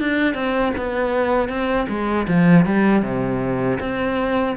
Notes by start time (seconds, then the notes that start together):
0.00 D4
0.35 C4
0.77 B3
1.49 C4
1.89 G#3
2.28 F3
2.66 G3
3.03 C3
3.80 C4